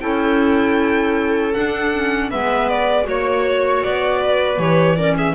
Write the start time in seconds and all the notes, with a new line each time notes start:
0.00 C#4 E4 A4 G5
1.54 D4 F#5
1.94 C#4
2.30 G#3 B3 B4 E5
2.69 D5
3.03 A#3 F#4 C#5
3.83 B3 D5
4.19 B4
4.58 E3 G4 C#5
4.96 C#4 A#4 D5
5.15 G#4 E5